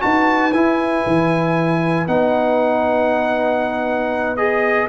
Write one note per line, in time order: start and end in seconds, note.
0.00 0.53 D#4
0.00 0.51 F#4
0.00 4.89 B4
0.00 0.53 A5
0.53 1.04 E4
0.53 2.08 E4
0.53 2.07 G#5
1.07 2.07 E3
2.07 4.89 B3
2.07 4.37 D#4
2.07 4.36 F#5
4.36 4.89 G#4
4.36 4.88 D#5